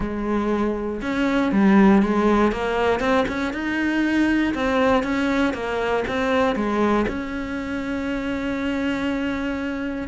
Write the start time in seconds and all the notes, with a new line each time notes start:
0.00 G#3
1.01 C#4
1.52 G3
2.02 G#3
2.52 A#3
3.00 C4
3.28 C#4
3.53 D#4
4.54 C4
5.03 C#4
5.53 A#3
6.07 C4
6.55 G#3
7.07 C#4